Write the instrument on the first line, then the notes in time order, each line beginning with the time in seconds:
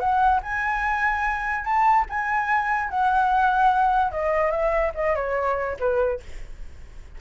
flute
0.00 F#5
0.43 G#5
1.65 A5
2.10 G#5
2.90 F#5
4.12 D#5
4.51 E5
4.95 D#5
5.16 C#5
5.80 B4